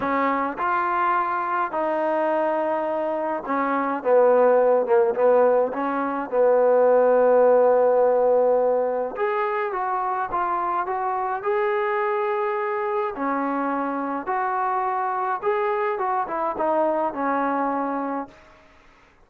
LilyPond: \new Staff \with { instrumentName = "trombone" } { \time 4/4 \tempo 4 = 105 cis'4 f'2 dis'4~ | dis'2 cis'4 b4~ | b8 ais8 b4 cis'4 b4~ | b1 |
gis'4 fis'4 f'4 fis'4 | gis'2. cis'4~ | cis'4 fis'2 gis'4 | fis'8 e'8 dis'4 cis'2 | }